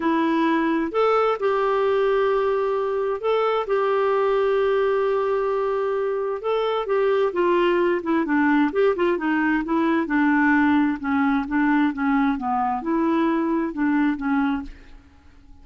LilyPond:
\new Staff \with { instrumentName = "clarinet" } { \time 4/4 \tempo 4 = 131 e'2 a'4 g'4~ | g'2. a'4 | g'1~ | g'2 a'4 g'4 |
f'4. e'8 d'4 g'8 f'8 | dis'4 e'4 d'2 | cis'4 d'4 cis'4 b4 | e'2 d'4 cis'4 | }